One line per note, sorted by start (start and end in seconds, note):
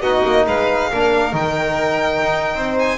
0.00 0.22 B3
0.00 0.91 D#4
0.00 0.46 F#4
0.00 0.45 D#5
0.25 0.47 A#3
0.46 0.91 G#3
0.46 0.90 B4
0.46 1.35 F5
0.91 1.33 A#3
0.91 1.32 D4
0.91 2.55 A#4
1.32 2.21 D#3
1.32 2.98 D#4
1.32 2.78 G5
2.22 2.55 D#4
2.55 2.98 C4
2.55 2.98 C5
2.78 2.98 G#5